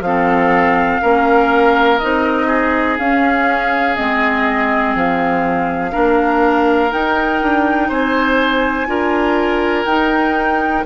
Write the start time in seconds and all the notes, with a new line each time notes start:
0.00 F3 C4 A4 F5
1.01 A#3 C#4 A#4
1.98 C4 D#4 D#5
2.47 G#4
2.98 C#4 F5
3.95 G#3 C4 D#5
4.95 F3 F5
5.92 A#3 D4 A#4
6.91 D#4 G5
7.42 D4
7.88 C4 C5 G#5
8.87 D4 F4 A#4
9.85 D#4 G5